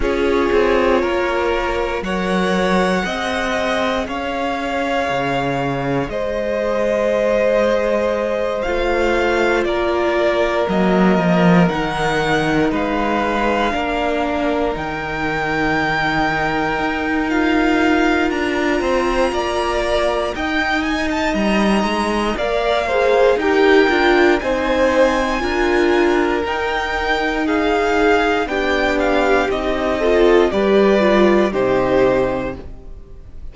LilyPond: <<
  \new Staff \with { instrumentName = "violin" } { \time 4/4 \tempo 4 = 59 cis''2 fis''2 | f''2 dis''2~ | dis''8 f''4 d''4 dis''4 fis''8~ | fis''8 f''2 g''4.~ |
g''4 f''4 ais''2 | g''8 gis''16 a''16 ais''4 f''4 g''4 | gis''2 g''4 f''4 | g''8 f''8 dis''4 d''4 c''4 | }
  \new Staff \with { instrumentName = "violin" } { \time 4/4 gis'4 ais'4 cis''4 dis''4 | cis''2 c''2~ | c''4. ais'2~ ais'8~ | ais'8 b'4 ais'2~ ais'8~ |
ais'2~ ais'8 c''8 d''4 | dis''2 d''8 c''8 ais'4 | c''4 ais'2 gis'4 | g'4. a'8 b'4 g'4 | }
  \new Staff \with { instrumentName = "viola" } { \time 4/4 f'2 ais'4 gis'4~ | gis'1~ | gis'8 f'2 ais4 dis'8~ | dis'4. d'4 dis'4.~ |
dis'4 f'2. | dis'2 ais'8 gis'8 g'8 f'8 | dis'4 f'4 dis'2 | d'4 dis'8 f'8 g'8 f'8 dis'4 | }
  \new Staff \with { instrumentName = "cello" } { \time 4/4 cis'8 c'8 ais4 fis4 c'4 | cis'4 cis4 gis2~ | gis8 a4 ais4 fis8 f8 dis8~ | dis8 gis4 ais4 dis4.~ |
dis8 dis'4. d'8 c'8 ais4 | dis'4 g8 gis8 ais4 dis'8 d'8 | c'4 d'4 dis'2 | b4 c'4 g4 c4 | }
>>